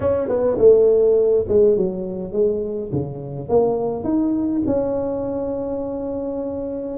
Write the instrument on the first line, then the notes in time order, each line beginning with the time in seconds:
tuba
0.00 C#4
0.28 B3
0.58 A3
1.48 G#3
1.76 F#3
2.32 G#3
2.92 C#3
3.48 A#3
4.04 D#4
4.66 C#4